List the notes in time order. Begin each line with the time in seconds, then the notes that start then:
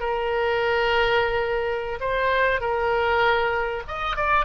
0.00 A#4
2.00 C5
2.60 A#4
3.88 D#5
4.16 D5